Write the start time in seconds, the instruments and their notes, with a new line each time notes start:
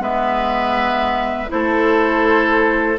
0.00 bassoon G#3, clarinet B3, oboe B4, flute E5
1.48 bassoon A3, clarinet E4, oboe A4, flute C5